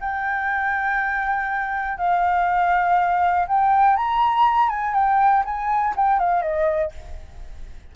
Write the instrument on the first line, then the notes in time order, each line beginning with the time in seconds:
flute
0.00 G5
1.97 F5
3.47 G5
3.96 A#5
4.69 G#5
4.94 G5
5.45 G#5
5.96 G5
6.19 F5
6.42 D#5